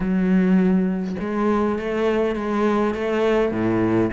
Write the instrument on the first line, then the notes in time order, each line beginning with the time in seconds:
cello
0.00 F#3
1.20 G#3
1.79 A3
2.35 G#3
2.94 A3
3.51 A2